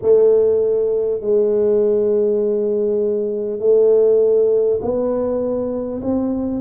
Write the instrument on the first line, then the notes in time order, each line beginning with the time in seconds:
tuba
0.02 A3
1.21 G#3
3.59 A3
4.81 B3
6.01 C4